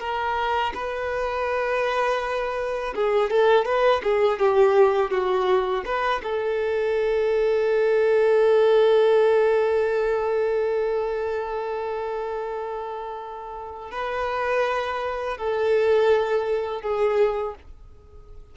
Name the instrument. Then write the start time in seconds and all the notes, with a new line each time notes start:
violin
0.00 A#4
0.75 B4
2.96 G#4
3.31 A4
3.65 B4
4.03 G#4
4.39 G4
5.11 F#4
5.85 B4
6.24 A4
13.92 B4
15.38 A4
16.82 G#4